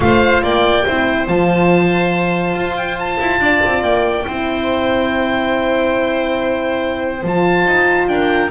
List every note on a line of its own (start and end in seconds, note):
0.00 0.41 A3
0.00 0.85 F4
0.00 0.43 C5
0.00 0.42 F5
0.42 0.85 A#3
0.42 0.84 D5
0.42 1.27 G5
0.84 1.28 C4
0.84 1.27 E4
0.84 3.40 C5
1.27 2.54 F3
1.27 4.25 F4
1.27 2.76 A5
2.54 3.17 F4
2.77 2.98 G5
2.99 3.83 A5
3.19 3.39 E4
3.39 3.61 D4
3.39 4.25 D5
3.65 3.82 C4
3.82 4.25 A#3
3.82 7.23 G5
4.27 7.23 C4
4.27 7.23 E4
4.27 8.09 C5
7.23 7.65 F3
7.23 8.50 F4
7.23 8.08 A5
7.65 8.08 D#4
8.08 8.50 D4
8.08 8.50 A#4
8.08 8.50 G5